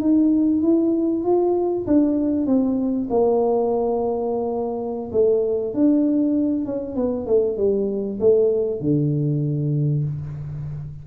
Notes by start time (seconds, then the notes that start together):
0.00 D#4
0.62 E4
1.24 F4
1.87 D4
2.46 C4
3.10 A#3
5.12 A3
5.74 D4
6.65 C#4
6.96 B3
7.27 A3
7.57 G3
8.20 A3
8.80 D3